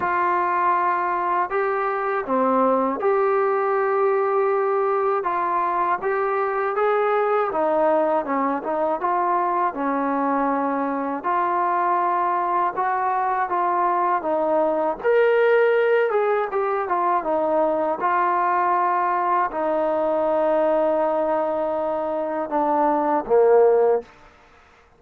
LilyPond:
\new Staff \with { instrumentName = "trombone" } { \time 4/4 \tempo 4 = 80 f'2 g'4 c'4 | g'2. f'4 | g'4 gis'4 dis'4 cis'8 dis'8 | f'4 cis'2 f'4~ |
f'4 fis'4 f'4 dis'4 | ais'4. gis'8 g'8 f'8 dis'4 | f'2 dis'2~ | dis'2 d'4 ais4 | }